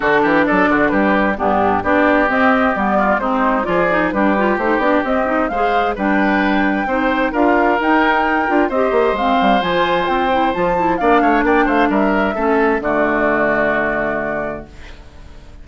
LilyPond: <<
  \new Staff \with { instrumentName = "flute" } { \time 4/4 \tempo 4 = 131 a'4 d''4 b'4 g'4 | d''4 dis''4 d''4 c''4 | d''4 b'4 c''8 d''8 dis''4 | f''4 g''2. |
f''4 g''2 dis''4 | f''4 gis''4 g''4 a''4 | f''4 g''8 f''8 e''2 | d''1 | }
  \new Staff \with { instrumentName = "oboe" } { \time 4/4 fis'8 g'8 a'8 fis'8 g'4 d'4 | g'2~ g'8 f'8 dis'4 | gis'4 g'2. | c''4 b'2 c''4 |
ais'2. c''4~ | c''1 | d''8 cis''8 d''8 c''8 ais'4 a'4 | fis'1 | }
  \new Staff \with { instrumentName = "clarinet" } { \time 4/4 d'2. b4 | d'4 c'4 b4 c'4 | f'8 dis'8 d'8 f'8 dis'8 d'8 c'8 dis'8 | gis'4 d'2 dis'4 |
f'4 dis'4. f'8 g'4 | c'4 f'4. e'8 f'8 e'8 | d'2. cis'4 | a1 | }
  \new Staff \with { instrumentName = "bassoon" } { \time 4/4 d8 e8 fis8 d8 g4 g,4 | b4 c'4 g4 gis4 | f4 g4 a8 b8 c'4 | gis4 g2 c'4 |
d'4 dis'4. d'8 c'8 ais8 | gis8 g8 f4 c'4 f4 | ais8 a8 ais8 a8 g4 a4 | d1 | }
>>